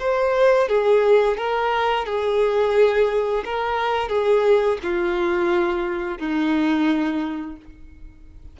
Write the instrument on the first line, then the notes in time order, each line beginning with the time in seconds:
violin
0.00 C5
0.69 G#4
1.38 A#4
2.06 G#4
3.45 A#4
4.09 G#4
4.83 F4
6.19 D#4